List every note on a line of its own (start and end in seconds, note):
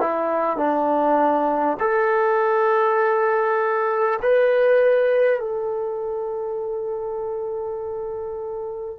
0.00 0.57 E4
0.57 1.77 D4
1.79 4.19 A4
4.22 5.39 B4
5.39 8.99 A4